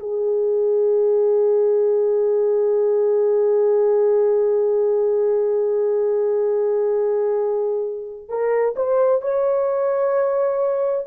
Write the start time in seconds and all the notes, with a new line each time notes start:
0.00 G#4
8.29 A#4
8.76 C5
9.22 C#5